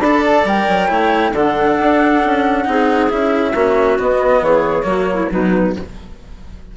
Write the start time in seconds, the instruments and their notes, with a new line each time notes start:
0.00 bassoon D4, cello A4, clarinet D5, flute B5
0.24 flute A5
0.45 bassoon G3, cello A#4, flute G5
0.68 bassoon F#3
0.88 bassoon A3, cello E4, clarinet C#5
1.32 bassoon D3, cello D4, clarinet A4, flute F#5
1.79 bassoon D4
2.25 bassoon C#4
2.64 bassoon C4, cello D#4, clarinet G#4
3.09 bassoon C#4, cello E4, flute E5
3.53 bassoon A#3, cello C#4, clarinet F#4
3.99 cello B3, bassoon B3, flute D#5
4.42 bassoon E3, clarinet G#4, flute C#5
4.83 bassoon F#3, cello A#3, clarinet F#4
5.14 clarinet E4
5.31 bassoon B2, cello F#3, clarinet D#4, flute B4